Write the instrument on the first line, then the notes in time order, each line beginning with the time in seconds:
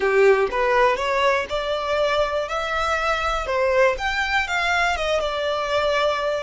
violin
0.00 G4
0.51 B4
0.96 C#5
1.49 D5
2.48 E5
3.46 C5
3.97 G5
4.47 F5
4.96 D#5
5.20 D5